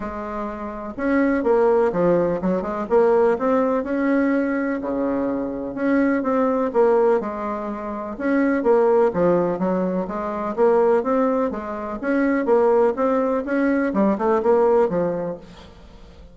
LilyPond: \new Staff \with { instrumentName = "bassoon" } { \time 4/4 \tempo 4 = 125 gis2 cis'4 ais4 | f4 fis8 gis8 ais4 c'4 | cis'2 cis2 | cis'4 c'4 ais4 gis4~ |
gis4 cis'4 ais4 f4 | fis4 gis4 ais4 c'4 | gis4 cis'4 ais4 c'4 | cis'4 g8 a8 ais4 f4 | }